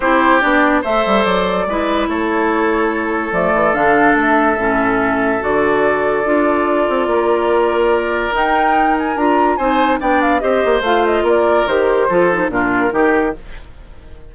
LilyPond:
<<
  \new Staff \with { instrumentName = "flute" } { \time 4/4 \tempo 4 = 144 c''4 d''4 e''4 d''4~ | d''4 cis''2. | d''4 f''4 e''2~ | e''4 d''2.~ |
d''1 | g''4. gis''8 ais''4 gis''4 | g''8 f''8 dis''4 f''8 dis''8 d''4 | c''2 ais'2 | }
  \new Staff \with { instrumentName = "oboe" } { \time 4/4 g'2 c''2 | b'4 a'2.~ | a'1~ | a'1~ |
a'4 ais'2.~ | ais'2. c''4 | d''4 c''2 ais'4~ | ais'4 a'4 f'4 g'4 | }
  \new Staff \with { instrumentName = "clarinet" } { \time 4/4 e'4 d'4 a'2 | e'1 | a4 d'2 cis'4~ | cis'4 fis'2 f'4~ |
f'1 | dis'2 f'4 dis'4 | d'4 g'4 f'2 | g'4 f'8 dis'8 d'4 dis'4 | }
  \new Staff \with { instrumentName = "bassoon" } { \time 4/4 c'4 b4 a8 g8 fis4 | gis4 a2. | f8 e8 d4 a4 a,4~ | a,4 d2 d'4~ |
d'8 c'8 ais2. | dis'2 d'4 c'4 | b4 c'8 ais8 a4 ais4 | dis4 f4 ais,4 dis4 | }
>>